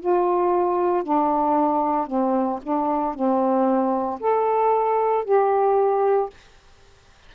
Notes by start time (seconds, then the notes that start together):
0.00 F4
1.03 D4
2.07 C4
2.63 D4
3.14 C4
4.20 A4
5.24 G4